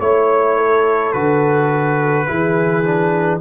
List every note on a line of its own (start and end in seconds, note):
0.00 1.13 A3
0.00 1.14 E4
0.00 1.12 C#5
0.00 0.58 C#5
0.58 2.27 A4
1.12 2.28 D3
1.12 2.27 F#4
1.12 3.39 B4
2.27 3.41 E3
2.27 2.83 E4
2.27 3.41 G#4
2.84 3.40 D4